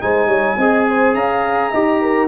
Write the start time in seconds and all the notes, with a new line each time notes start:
0.00 G#3 D#4 C5 G#5
0.26 G3 C#5
0.57 C4 G#4 D#5
0.88 C5
1.14 C#4 F5 A#5
1.71 D#4 G4 D#5
2.01 A#4